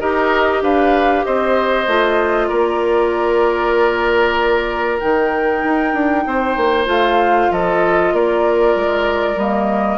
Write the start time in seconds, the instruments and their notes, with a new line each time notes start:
0.00 bassoon D#4, clarinet G4, oboe A#4, flute D#5
0.62 bassoon D4, oboe B4, flute F5
1.25 bassoon C4, oboe C5, flute D#5
1.88 bassoon A3, clarinet F4
2.49 bassoon A#3, oboe A#4, flute D5
5.00 bassoon D#3, clarinet D#4, flute G5
5.64 bassoon D#4
5.94 bassoon D4
6.27 bassoon C4, oboe C5
6.57 bassoon A#3
6.86 bassoon A3, clarinet F4, flute F5
7.51 bassoon F3, oboe A4, flute D#5
8.13 bassoon A#3, oboe A#4, flute D5
8.76 bassoon G#3
9.37 bassoon G3, clarinet A#3, flute D#5